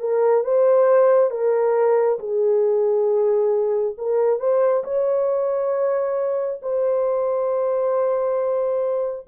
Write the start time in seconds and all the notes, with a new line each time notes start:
0.00 A#4
0.44 C5
1.30 A#4
2.19 G#4
3.97 A#4
4.40 C5
4.84 C#5
6.62 C5